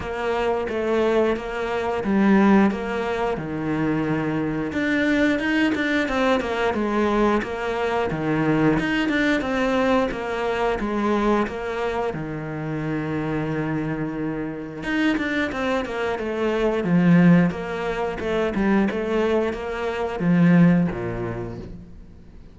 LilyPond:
\new Staff \with { instrumentName = "cello" } { \time 4/4 \tempo 4 = 89 ais4 a4 ais4 g4 | ais4 dis2 d'4 | dis'8 d'8 c'8 ais8 gis4 ais4 | dis4 dis'8 d'8 c'4 ais4 |
gis4 ais4 dis2~ | dis2 dis'8 d'8 c'8 ais8 | a4 f4 ais4 a8 g8 | a4 ais4 f4 ais,4 | }